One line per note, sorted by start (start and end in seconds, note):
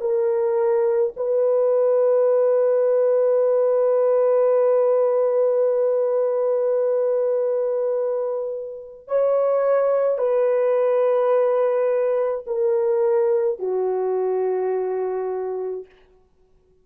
0.00 1.13 A#4
1.16 9.08 B4
9.08 10.18 C#5
10.18 12.44 B4
12.46 13.59 A#4
13.59 15.85 F#4